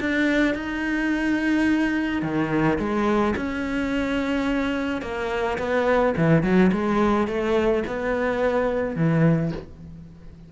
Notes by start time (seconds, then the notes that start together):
0.00 D4
0.54 D#4
2.22 D#3
2.78 G#3
3.36 C#4
5.02 A#3
5.58 B3
6.17 E3
6.43 F#3
6.72 G#3
7.27 A3
7.87 B3
8.95 E3